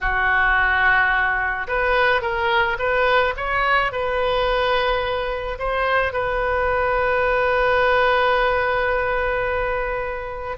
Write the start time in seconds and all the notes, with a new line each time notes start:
0.00 F#4
1.67 B4
2.21 A#4
2.78 B4
3.36 C#5
3.91 B4
5.59 C5
6.13 B4